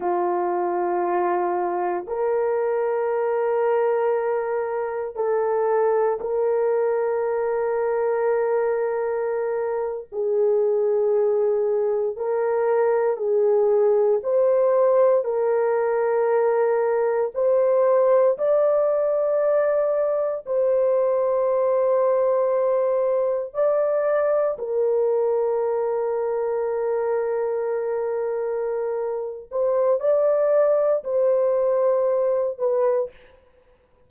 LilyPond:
\new Staff \with { instrumentName = "horn" } { \time 4/4 \tempo 4 = 58 f'2 ais'2~ | ais'4 a'4 ais'2~ | ais'4.~ ais'16 gis'2 ais'16~ | ais'8. gis'4 c''4 ais'4~ ais'16~ |
ais'8. c''4 d''2 c''16~ | c''2~ c''8. d''4 ais'16~ | ais'1~ | ais'8 c''8 d''4 c''4. b'8 | }